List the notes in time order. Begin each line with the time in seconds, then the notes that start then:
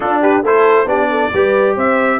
0.00 D4 F4 A4
0.21 G4 B4
0.42 A3 E4 A4 C5
0.85 B3 D4 G4 D5
1.10 A4
1.33 G3 G4 B4
1.75 C4 C5 E5